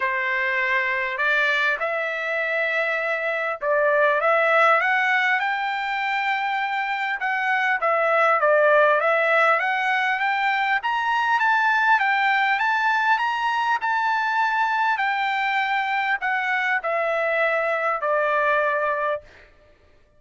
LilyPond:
\new Staff \with { instrumentName = "trumpet" } { \time 4/4 \tempo 4 = 100 c''2 d''4 e''4~ | e''2 d''4 e''4 | fis''4 g''2. | fis''4 e''4 d''4 e''4 |
fis''4 g''4 ais''4 a''4 | g''4 a''4 ais''4 a''4~ | a''4 g''2 fis''4 | e''2 d''2 | }